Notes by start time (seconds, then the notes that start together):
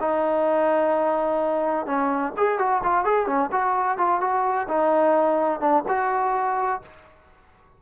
0.00 D#4
1.86 C#4
2.37 G#4
2.59 F#4
2.84 F4
3.05 G#4
3.27 C#4
3.52 F#4
3.98 F4
4.21 F#4
4.69 D#4
5.60 D4
5.88 F#4